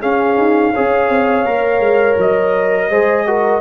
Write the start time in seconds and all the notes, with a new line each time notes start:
0.00 C#4 G#4 F5
0.37 D#4
0.73 C#4 G#4 C#5
1.09 C4
1.45 A#3 A#4
1.79 G#3
2.18 F#3 D#5
2.89 G#3 G#4 C5
3.27 F#4 A#4